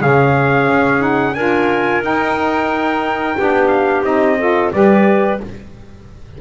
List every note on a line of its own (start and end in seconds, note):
0.00 0.67 C#3
0.00 0.99 C#4
0.00 1.35 G#4
0.00 1.02 F5
0.67 1.35 C#4
0.99 1.33 D#4
0.99 1.34 F#5
1.34 2.01 D4
1.34 2.02 F4
1.34 3.38 A#4
1.34 2.02 G#5
2.01 3.36 D#4
2.01 3.68 G5
3.38 4.03 B3
3.38 4.04 D4
3.38 4.38 G4
3.68 4.02 F5
4.03 4.71 C4
4.03 4.38 D#4
4.03 4.72 D#5
4.38 4.72 F4
4.38 4.72 A4
4.72 5.40 G3
4.72 5.39 G4
4.72 5.41 B4
4.72 5.40 D5